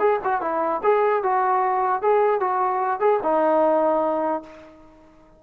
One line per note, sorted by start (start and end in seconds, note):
0.00 0.20 G#4
0.24 0.41 F#4
0.41 0.81 E4
0.84 1.23 G#4
1.23 2.02 F#4
2.02 2.41 G#4
2.41 3.00 F#4
3.00 3.20 G#4
3.23 4.43 D#4